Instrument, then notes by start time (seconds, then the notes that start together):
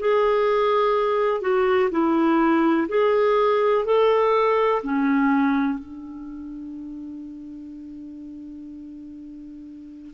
clarinet
0.00 G#4
1.42 F#4
1.91 E4
2.89 G#4
3.86 A4
4.83 C#4
5.79 D4